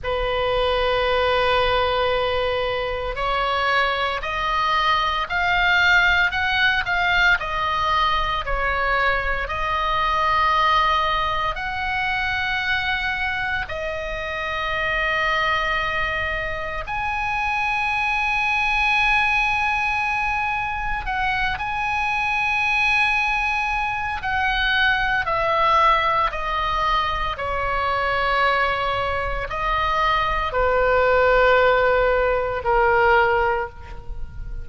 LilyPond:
\new Staff \with { instrumentName = "oboe" } { \time 4/4 \tempo 4 = 57 b'2. cis''4 | dis''4 f''4 fis''8 f''8 dis''4 | cis''4 dis''2 fis''4~ | fis''4 dis''2. |
gis''1 | fis''8 gis''2~ gis''8 fis''4 | e''4 dis''4 cis''2 | dis''4 b'2 ais'4 | }